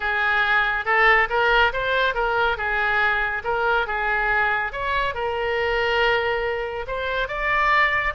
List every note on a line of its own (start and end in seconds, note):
0.00 0.85 G#4
0.85 1.28 A4
1.29 1.72 A#4
1.72 2.14 C5
2.14 2.57 A#4
2.57 3.42 G#4
3.44 3.86 A#4
3.86 4.72 G#4
4.72 5.14 C#5
5.14 6.86 A#4
6.87 7.28 C5
7.28 8.13 D5